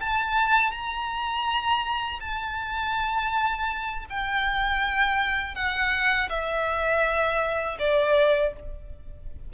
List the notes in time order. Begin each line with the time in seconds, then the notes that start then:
0.00 A5
0.71 A#5
2.20 A5
4.10 G5
5.55 F#5
6.29 E5
7.79 D5